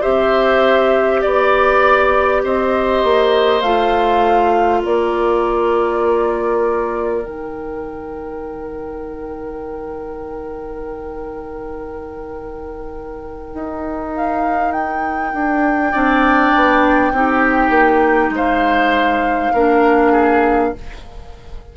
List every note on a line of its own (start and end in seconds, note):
0.00 1.24 C4
0.00 3.61 G4
0.00 1.20 C5
0.00 1.22 E5
1.22 2.44 B3
1.22 2.42 D5
2.44 3.04 C4
2.44 4.80 C5
2.44 3.61 D#5
3.04 3.62 A#3
3.61 4.82 A3
3.61 7.22 F4
3.61 4.81 F5
4.80 7.23 A#3
4.80 15.90 A#4
4.80 7.25 D5
7.22 13.53 D#3
7.22 15.92 D#4
7.22 14.15 G5
13.54 15.33 D#4
14.15 14.71 F5
14.71 18.31 G5
15.33 15.93 D4
15.92 16.54 C4
15.92 17.12 D4
15.92 17.12 D5
16.55 17.12 B3
17.12 17.69 C4
17.12 19.54 D#4
17.12 18.34 G4
17.69 18.29 A#3
18.30 19.50 G#3
18.30 19.53 C5
18.36 20.76 F5
19.53 20.73 A#3
19.53 20.75 D4
19.53 20.12 A#4
20.12 20.71 G#4